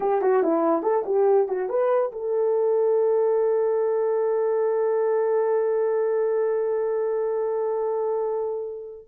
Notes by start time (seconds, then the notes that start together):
0.00 G4
0.21 F#4
0.42 E4
0.82 A4
1.05 G4
1.48 F#4
1.69 B4
2.11 A4